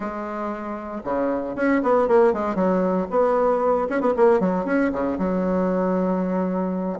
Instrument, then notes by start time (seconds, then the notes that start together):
bassoon
0.00 G#3
1.03 C#3
1.55 C#4
1.82 B3
2.08 A#3
2.33 G#3
2.55 F#3
3.10 B3
3.89 C#4
4.00 B3
4.16 A#3
4.40 F#3
4.65 C#4
4.92 C#3
5.18 F#3